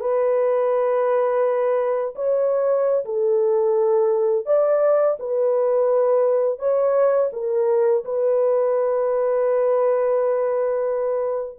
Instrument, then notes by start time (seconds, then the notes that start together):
horn
0.00 B4
2.15 C#5
3.05 A4
4.45 D5
5.19 B4
6.58 C#5
7.32 A#4
8.04 B4